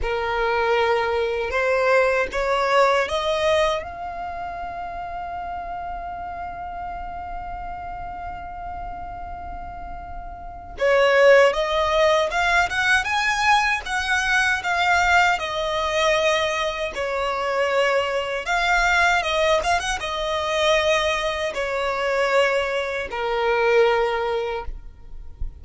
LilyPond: \new Staff \with { instrumentName = "violin" } { \time 4/4 \tempo 4 = 78 ais'2 c''4 cis''4 | dis''4 f''2.~ | f''1~ | f''2 cis''4 dis''4 |
f''8 fis''8 gis''4 fis''4 f''4 | dis''2 cis''2 | f''4 dis''8 f''16 fis''16 dis''2 | cis''2 ais'2 | }